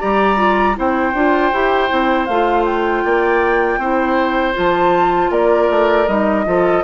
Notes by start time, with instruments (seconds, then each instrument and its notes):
0.00 bassoon G3, clarinet G4, oboe D5, flute A#5
0.37 clarinet F4
0.75 bassoon C4, clarinet E4, oboe C5, flute G5
1.14 bassoon D4, clarinet F4
1.53 bassoon E4, clarinet G4
1.90 bassoon C4, clarinet E4
2.26 bassoon A3, clarinet F4, flute F5
2.65 flute G5
3.05 bassoon A#3, oboe D5
3.78 bassoon C4, clarinet E4, oboe C5
4.54 bassoon F3, clarinet F4, flute A5
5.31 bassoon A#3, oboe A#4, flute D5
5.70 bassoon A3
6.08 bassoon G3, clarinet D#4, flute D#5
6.45 bassoon F3, clarinet F4, oboe A4